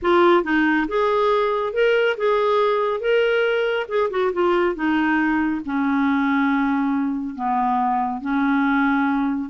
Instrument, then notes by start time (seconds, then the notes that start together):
clarinet
0.01 F4
0.43 D#4
0.88 G#4
1.73 A#4
2.17 G#4
3.00 A#4
3.88 G#4
4.10 F#4
4.32 F4
4.75 D#4
5.65 C#4
7.35 B3
8.21 C#4